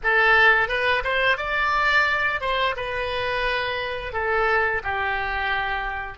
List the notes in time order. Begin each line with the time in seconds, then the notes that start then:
0.03 A4
0.68 B4
1.04 C5
1.37 D5
2.40 C5
2.76 B4
4.13 A4
4.83 G4